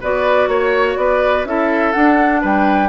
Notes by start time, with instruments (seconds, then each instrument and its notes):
0.00 bassoon B3, clarinet F#4, oboe B4, flute D5
0.47 bassoon A#3, flute C#5, oboe C#5
0.96 bassoon B3, oboe B4, flute D5
1.44 bassoon C#4, clarinet E4, oboe A4, flute E5
1.92 clarinet D4, bassoon D4, flute F#5
2.41 bassoon G3, oboe B4, flute G5